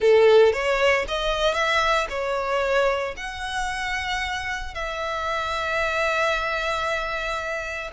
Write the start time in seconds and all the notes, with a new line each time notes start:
0.00 A4
0.52 C#5
1.07 D#5
1.54 E5
2.09 C#5
3.16 F#5
4.74 E5